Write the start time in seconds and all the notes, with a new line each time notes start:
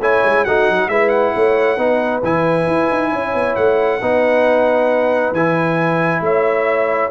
0.00 A3 E4 C#5 G#5
0.23 G#3
0.45 A3 D#4 F#4 F#5
0.69 F#3
0.88 G#3 E4 B4 E5
1.09 F#5
1.35 A3 C#5
1.78 B3 D#4 B4
2.23 E3 E4 G#5
2.67 E4
2.91 D#4
3.13 C#4 C#5
3.35 B3
3.56 A3 F#5
4.02 B3 D#4 B4
5.32 E3 E4 G#5
6.21 A3 C#5 E5